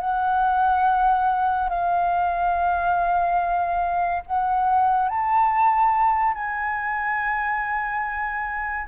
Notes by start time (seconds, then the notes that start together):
0.00 F#5
1.69 F5
4.26 F#5
5.09 A5
6.34 G#5